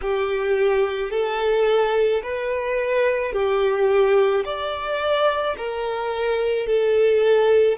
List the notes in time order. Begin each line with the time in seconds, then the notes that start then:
0.02 G4
1.11 A4
2.22 B4
3.32 G4
4.44 D5
5.57 A#4
6.66 A4